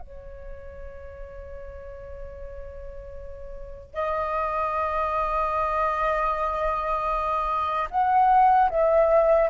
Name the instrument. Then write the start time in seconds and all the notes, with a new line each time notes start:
flute
0.00 C#5
3.94 D#5
7.91 F#5
8.70 E5